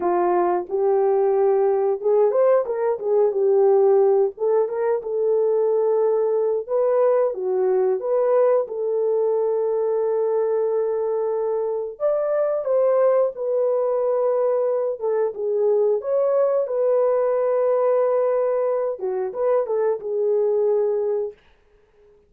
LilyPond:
\new Staff \with { instrumentName = "horn" } { \time 4/4 \tempo 4 = 90 f'4 g'2 gis'8 c''8 | ais'8 gis'8 g'4. a'8 ais'8 a'8~ | a'2 b'4 fis'4 | b'4 a'2.~ |
a'2 d''4 c''4 | b'2~ b'8 a'8 gis'4 | cis''4 b'2.~ | b'8 fis'8 b'8 a'8 gis'2 | }